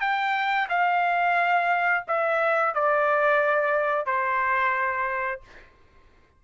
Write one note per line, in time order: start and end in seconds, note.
0.00 0.67 G5
0.69 2.04 F5
2.07 2.74 E5
2.74 4.06 D5
4.06 5.41 C5